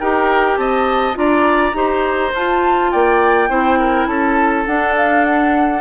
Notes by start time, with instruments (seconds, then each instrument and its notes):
0.00 bassoon D#4, clarinet G4, oboe A#4, flute G5
0.57 bassoon C4, oboe D#5, flute A5
1.14 bassoon D4, clarinet F4, oboe D5, flute A#5
1.73 bassoon D#4, clarinet G4, oboe C5
2.34 bassoon F4, clarinet F4, flute A5
2.92 bassoon A#3, oboe D5, flute G5
3.49 bassoon C4, clarinet E4, oboe C5
3.79 oboe A#4
4.07 bassoon C#4, oboe A4, flute A5
4.66 clarinet D4, bassoon D4, flute F#5
4.96 flute F5
5.24 flute F#5